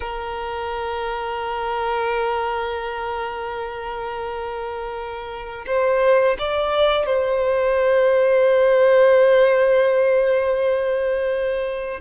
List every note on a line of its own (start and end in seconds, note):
0.00 5.65 A#4
5.66 6.37 C5
6.39 7.06 D5
7.06 12.00 C5